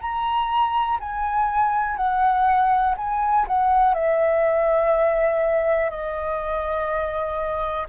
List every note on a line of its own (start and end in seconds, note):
0.00 0.98 A#5
1.00 1.96 G#5
1.96 2.95 F#5
2.97 3.46 G#5
3.47 3.94 F#5
3.94 5.90 E5
5.90 7.87 D#5